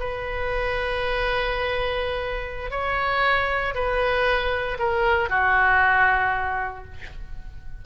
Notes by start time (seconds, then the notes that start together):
0.00 B4
2.71 C#5
3.75 B4
4.79 A#4
5.30 F#4